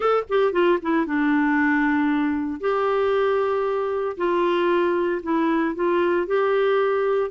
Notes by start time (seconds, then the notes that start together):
0.00 A4
0.29 G4
0.52 F4
0.82 E4
1.06 D4
2.60 G4
4.17 F4
5.22 E4
5.75 F4
6.26 G4